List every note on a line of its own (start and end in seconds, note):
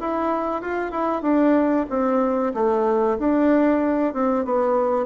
0.00 0.62 E4
0.62 0.92 F4
0.92 1.22 E4
1.22 1.86 D4
1.90 2.54 C4
2.54 3.18 A3
3.19 4.14 D4
4.14 4.45 C4
4.45 5.06 B3